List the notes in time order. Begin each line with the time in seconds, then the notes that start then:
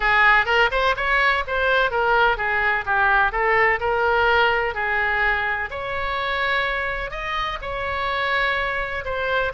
0.00 G#4
0.45 A#4
0.71 C5
0.96 C#5
1.47 C5
1.90 A#4
2.37 G#4
2.85 G4
3.32 A4
3.79 A#4
4.74 G#4
5.70 C#5
7.11 D#5
7.61 C#5
9.05 C5